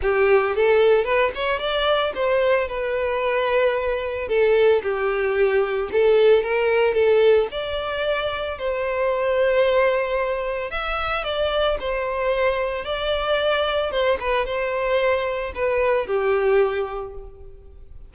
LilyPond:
\new Staff \with { instrumentName = "violin" } { \time 4/4 \tempo 4 = 112 g'4 a'4 b'8 cis''8 d''4 | c''4 b'2. | a'4 g'2 a'4 | ais'4 a'4 d''2 |
c''1 | e''4 d''4 c''2 | d''2 c''8 b'8 c''4~ | c''4 b'4 g'2 | }